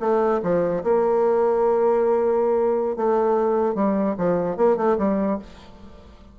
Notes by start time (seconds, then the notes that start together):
0.00 A3
0.43 F3
0.83 A#3
2.96 A3
3.75 G3
4.17 F3
4.56 A#3
4.77 A3
4.98 G3